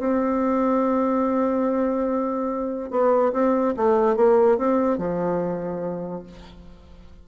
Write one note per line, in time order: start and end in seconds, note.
0.00 2.91 C4
2.91 3.33 B3
3.33 3.75 C4
3.77 4.16 A3
4.16 4.58 A#3
4.58 4.98 C4
4.98 6.23 F3